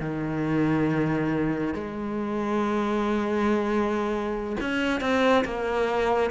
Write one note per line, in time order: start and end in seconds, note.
0.00 1.74 D#3
1.74 4.57 G#3
4.60 5.01 C#4
5.01 5.44 C4
5.44 6.30 A#3